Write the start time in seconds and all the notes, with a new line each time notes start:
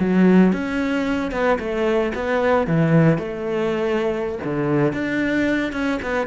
0.00 F#3
0.53 C#4
1.32 B3
1.59 A3
2.15 B3
2.67 E3
3.18 A3
4.44 D3
4.93 D4
5.73 C#4
6.02 B3